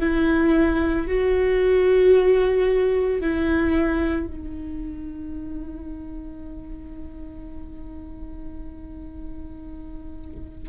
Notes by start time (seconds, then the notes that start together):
0.00 E4
1.07 F#4
3.21 E4
4.27 D#4